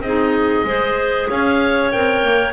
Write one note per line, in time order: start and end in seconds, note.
0.00 0.63 C4
0.00 0.66 G#4
0.00 1.28 D#5
0.06 0.66 D#4
0.64 1.27 G#3
0.64 1.91 G#4
0.64 1.29 C5
1.29 1.94 C#4
1.29 2.53 C#5
1.29 1.91 F5
1.91 2.24 C4
1.91 2.53 A#4
1.91 2.53 G5
2.24 2.53 A#3